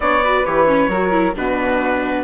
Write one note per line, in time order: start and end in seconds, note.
0.00 0.41 B3
0.00 0.23 D4
0.00 0.23 C#5
0.00 0.45 D5
0.23 0.45 F#4
0.23 0.89 B4
0.45 0.87 E3
0.45 0.66 G4
0.45 1.35 C#5
0.66 0.89 C#4
0.87 1.32 F#3
0.87 1.11 F#4
0.87 1.34 A#4
1.11 1.34 E4
1.35 2.23 B2
1.35 2.23 D4
1.35 2.23 F#4
1.35 2.23 B4